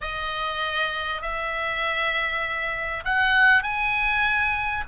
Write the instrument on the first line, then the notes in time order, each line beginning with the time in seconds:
oboe
0.01 D#5
1.21 E5
3.05 F#5
3.62 G#5